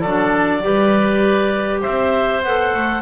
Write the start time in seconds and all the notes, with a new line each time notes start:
0.00 F#3 D4 A4 D5
0.62 G3 G4 B4
1.81 C4 C5 E5
2.43 B3 A4 F#5
2.74 A3